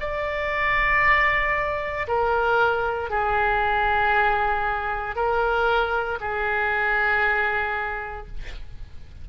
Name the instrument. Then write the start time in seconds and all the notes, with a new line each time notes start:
oboe
0.00 D5
2.07 A#4
3.10 G#4
5.15 A#4
6.20 G#4